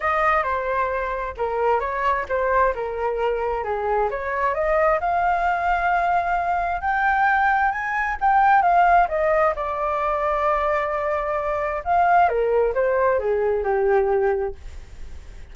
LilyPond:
\new Staff \with { instrumentName = "flute" } { \time 4/4 \tempo 4 = 132 dis''4 c''2 ais'4 | cis''4 c''4 ais'2 | gis'4 cis''4 dis''4 f''4~ | f''2. g''4~ |
g''4 gis''4 g''4 f''4 | dis''4 d''2.~ | d''2 f''4 ais'4 | c''4 gis'4 g'2 | }